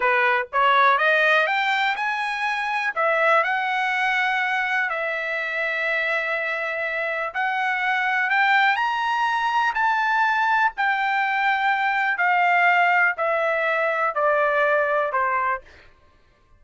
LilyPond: \new Staff \with { instrumentName = "trumpet" } { \time 4/4 \tempo 4 = 123 b'4 cis''4 dis''4 g''4 | gis''2 e''4 fis''4~ | fis''2 e''2~ | e''2. fis''4~ |
fis''4 g''4 ais''2 | a''2 g''2~ | g''4 f''2 e''4~ | e''4 d''2 c''4 | }